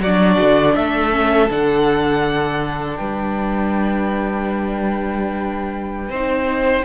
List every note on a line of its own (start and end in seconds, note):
0.00 0.37 F#3
0.00 0.76 F#4
0.00 0.76 D5
0.06 1.12 D4
0.40 0.76 D3
0.76 1.50 A3
0.76 2.98 A4
0.76 1.50 E5
1.12 1.49 C#4
1.50 2.99 D3
1.50 6.13 D4
1.50 2.96 F#5
2.96 6.10 G3
2.96 6.11 B4
2.96 6.85 G5
6.10 6.84 C4
6.10 6.85 D#4
6.10 6.85 C5